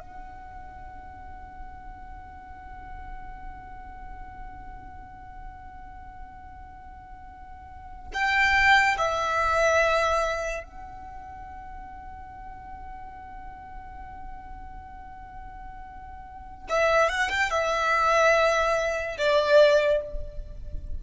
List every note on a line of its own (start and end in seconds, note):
0.00 8.12 F#5
8.14 8.97 G5
8.98 10.64 E5
10.64 16.68 F#5
16.70 17.09 E5
17.09 17.30 F#5
17.30 17.51 G5
17.51 19.17 E5
19.19 20.02 D5